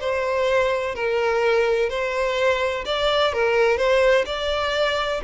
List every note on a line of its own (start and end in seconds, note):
0.00 0.95 C5
0.95 1.89 A#4
1.89 2.84 C5
2.85 3.33 D5
3.33 3.77 A#4
3.77 4.25 C5
4.26 5.21 D5